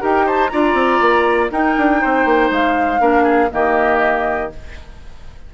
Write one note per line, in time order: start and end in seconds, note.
0.00 0.52 D#4
0.00 0.50 G4
0.00 0.26 A#4
0.00 0.28 G5
0.26 0.51 C5
0.26 0.48 A5
0.48 0.74 D4
0.48 1.51 F4
0.48 1.51 D5
0.48 1.48 A#5
0.74 0.99 C4
1.01 1.51 A#3
1.51 2.99 D#4
1.51 1.77 D#4
1.51 2.01 A#4
1.51 2.52 G5
1.77 2.02 D4
2.01 2.25 C4
2.01 3.01 C5
2.25 2.50 A#3
2.51 3.00 G#3
2.51 3.52 F5
2.99 3.50 A#3
2.99 3.49 D4
2.99 3.23 A#4
3.23 3.48 G#4
3.50 4.53 D#3
3.50 4.50 A#3
3.50 4.54 G4
3.50 4.52 D#5